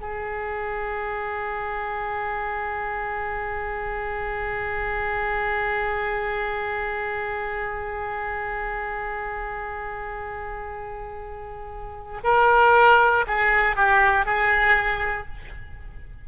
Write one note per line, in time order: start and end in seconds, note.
0.00 12.20 G#4
12.24 13.25 A#4
13.27 13.76 G#4
13.76 14.25 G4
14.25 15.27 G#4